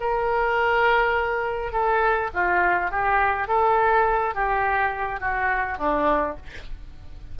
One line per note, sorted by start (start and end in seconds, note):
0.00 1.72 A#4
1.72 2.30 A4
2.34 2.91 F4
2.91 3.48 G4
3.48 4.34 A4
4.34 5.20 G4
5.20 5.78 F#4
5.78 6.36 D4